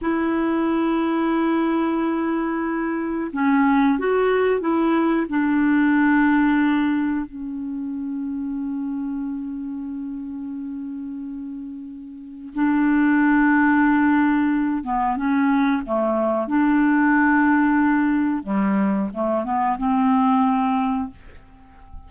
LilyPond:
\new Staff \with { instrumentName = "clarinet" } { \time 4/4 \tempo 4 = 91 e'1~ | e'4 cis'4 fis'4 e'4 | d'2. cis'4~ | cis'1~ |
cis'2. d'4~ | d'2~ d'8 b8 cis'4 | a4 d'2. | g4 a8 b8 c'2 | }